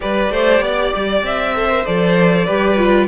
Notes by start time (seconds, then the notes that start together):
0.00 G3 G4 B4 D5
0.30 A3 C5
0.60 B3 D5
0.95 G3
1.22 C4 E5
1.54 A4 C5
1.69 A#4
1.85 F3 A4 D5
2.45 G3 G4 B4
2.77 F4